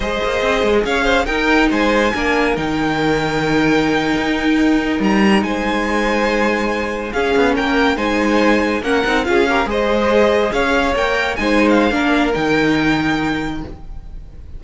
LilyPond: <<
  \new Staff \with { instrumentName = "violin" } { \time 4/4 \tempo 4 = 141 dis''2 f''4 g''4 | gis''2 g''2~ | g''2.~ g''8. ais''16~ | ais''8. gis''2.~ gis''16~ |
gis''8. f''4 g''4 gis''4~ gis''16~ | gis''8. fis''4 f''4 dis''4~ dis''16~ | dis''8. f''4 g''4 gis''8. f''8~ | f''4 g''2. | }
  \new Staff \with { instrumentName = "violin" } { \time 4/4 c''2 cis''8 c''8 ais'4 | c''4 ais'2.~ | ais'1~ | ais'8. c''2.~ c''16~ |
c''8. gis'4 ais'4 c''4~ c''16~ | c''8. ais'4 gis'8 ais'8 c''4~ c''16~ | c''8. cis''2 c''4~ c''16 | ais'1 | }
  \new Staff \with { instrumentName = "viola" } { \time 4/4 gis'2. dis'4~ | dis'4 d'4 dis'2~ | dis'1~ | dis'1~ |
dis'8. cis'2 dis'4~ dis'16~ | dis'8. cis'8 dis'8 f'8 g'8 gis'4~ gis'16~ | gis'4.~ gis'16 ais'4 dis'4~ dis'16 | d'4 dis'2. | }
  \new Staff \with { instrumentName = "cello" } { \time 4/4 gis8 ais8 c'8 gis8 cis'4 dis'4 | gis4 ais4 dis2~ | dis4.~ dis16 dis'2 g16~ | g8. gis2.~ gis16~ |
gis8. cis'8 b8 ais4 gis4~ gis16~ | gis8. ais8 c'8 cis'4 gis4~ gis16~ | gis8. cis'4 ais4 gis4~ gis16 | ais4 dis2. | }
>>